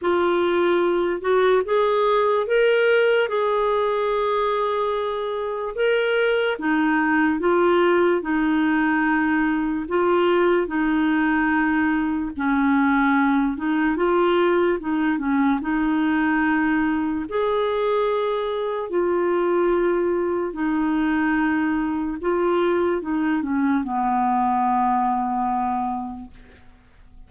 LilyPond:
\new Staff \with { instrumentName = "clarinet" } { \time 4/4 \tempo 4 = 73 f'4. fis'8 gis'4 ais'4 | gis'2. ais'4 | dis'4 f'4 dis'2 | f'4 dis'2 cis'4~ |
cis'8 dis'8 f'4 dis'8 cis'8 dis'4~ | dis'4 gis'2 f'4~ | f'4 dis'2 f'4 | dis'8 cis'8 b2. | }